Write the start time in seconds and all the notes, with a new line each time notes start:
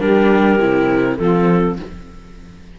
0.00 G3 D4 G4 A#4
0.59 C3 E4
1.17 F3 C4 F4 A4